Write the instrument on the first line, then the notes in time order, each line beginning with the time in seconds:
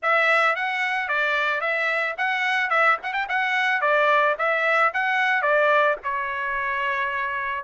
trumpet
0.02 E5
0.55 F#5
1.08 D5
1.60 E5
2.17 F#5
2.70 E5
3.02 F#5
3.13 G5
3.29 F#5
3.81 D5
4.38 E5
4.93 F#5
5.41 D5
6.03 C#5